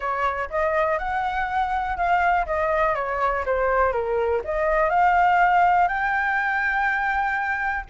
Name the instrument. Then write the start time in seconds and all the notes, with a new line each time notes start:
flute
0.00 C#5
0.50 D#5
0.98 F#5
1.96 F5
2.45 D#5
2.95 C#5
3.45 C5
3.92 A#4
4.44 D#5
4.89 F5
5.88 G5